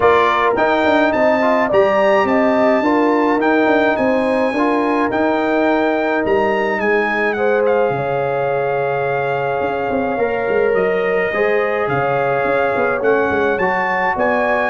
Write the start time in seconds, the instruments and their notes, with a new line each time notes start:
0.00 tuba A#3, trombone F4, horn A#4, trumpet D5
0.56 tuba D#4, trombone D#4, trumpet G5
0.84 tuba D4
1.12 tuba C4, horn D#5, trumpet A5
1.41 trombone F4
1.68 tuba G3, trombone G4, horn D5, trumpet A#5
2.23 tuba C4, horn D#5, trumpet A5
2.80 tuba D4, trombone F4, horn A#4
3.36 tuba D#4, trombone D#4, trumpet G5
3.66 tuba D4
3.96 tuba C4, horn C5, trumpet G#5
4.52 tuba D4, trombone F4, horn A#4
5.10 tuba D#4, trombone D#4, trumpet G5
6.25 tuba G3, trumpet A#5
6.78 tuba G#3, horn G#4, trumpet G#5
7.33 trombone G#4, horn C5, trumpet F#5
7.65 trumpet F5
7.90 tuba C#3, horn C#5
9.60 tuba C#4
9.89 tuba C4
10.17 tuba A#3, trombone A#4
10.48 tuba G#3
10.73 tuba F#3, trumpet D#5
11.32 tuba G#3, trombone G#4, horn C5
11.87 tuba C#3, horn C#5, trumpet F5
12.44 tuba C#4
12.75 tuba B3
13.00 tuba A3, trombone C#4, trumpet F#5
13.29 tuba G#3
13.57 tuba F#3, trombone F#4, trumpet A5
14.15 tuba B3, horn D5, trumpet G#5